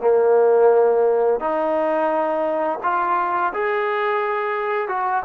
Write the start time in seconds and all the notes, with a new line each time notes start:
0.00 A#3
1.40 D#4
2.83 F4
3.53 G#4
4.88 F#4